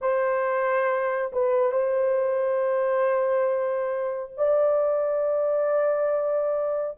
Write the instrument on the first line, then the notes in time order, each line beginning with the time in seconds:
horn
0.01 C5
1.32 B4
1.72 C5
4.37 D5